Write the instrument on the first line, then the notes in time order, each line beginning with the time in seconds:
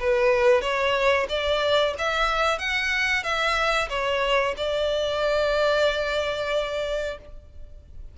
violin
0.00 B4
0.61 C#5
1.29 D5
1.98 E5
2.58 F#5
3.24 E5
3.90 C#5
4.57 D5